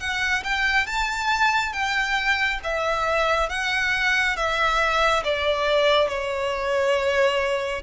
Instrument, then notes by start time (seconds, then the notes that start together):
violin
0.00 F#5
0.44 G5
0.86 A5
1.73 G5
2.64 E5
3.49 F#5
4.36 E5
5.24 D5
6.08 C#5